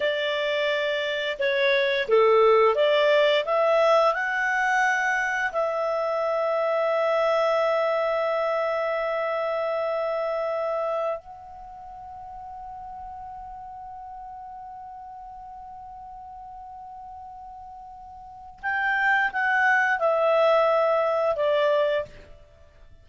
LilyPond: \new Staff \with { instrumentName = "clarinet" } { \time 4/4 \tempo 4 = 87 d''2 cis''4 a'4 | d''4 e''4 fis''2 | e''1~ | e''1~ |
e''16 fis''2.~ fis''8.~ | fis''1~ | fis''2. g''4 | fis''4 e''2 d''4 | }